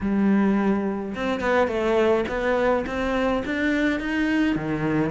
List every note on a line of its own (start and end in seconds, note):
0.00 1.15 G3
1.15 1.40 C4
1.40 1.67 B3
1.67 2.24 A3
2.28 2.85 B3
2.86 3.43 C4
3.45 3.99 D4
3.99 4.55 D#4
4.55 5.10 D#3